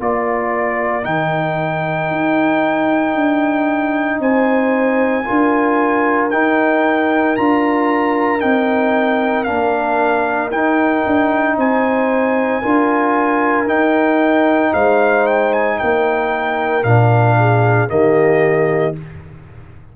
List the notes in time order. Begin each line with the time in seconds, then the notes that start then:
0.00 A#3 F4 A#4 D5
1.02 D#3 D#4 G5
2.11 D#4
3.14 D4
4.20 C4 C5 G#5
5.25 D4 F4 A#4
6.30 D#4 G5
7.36 D4 F4 A#5
8.40 C4 D#4 G5
9.44 A#3 D4 F5
10.51 D#4 G5
11.06 D4
11.57 C4 C5 G#5
12.61 D4 F4 A#4
13.66 D#4 G5
14.73 G#3 C5 F5
15.26 G5
15.53 G#5
15.79 A#3 A#4 G5
16.83 A#2 D4 F5
17.38 G#4
17.88 D#3 A#3 G4 D#5